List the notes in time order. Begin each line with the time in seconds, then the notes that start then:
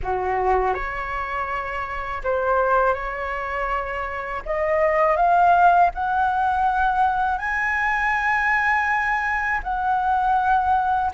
0.02 F#4
0.73 C#5
2.23 C5
2.94 C#5
4.45 D#5
5.16 F5
5.94 F#5
7.38 G#5
9.63 F#5